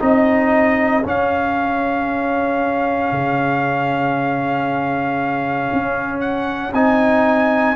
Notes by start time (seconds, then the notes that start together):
0.00 C4 D#4 G#4 D#5
1.05 C#4 F5
3.12 C#3
5.73 C#4
6.21 F#5
6.73 C4 D#4 G#5